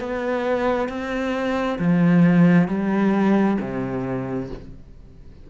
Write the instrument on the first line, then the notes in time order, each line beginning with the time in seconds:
cello
0.00 B3
0.88 C4
1.79 F3
2.68 G3
3.60 C3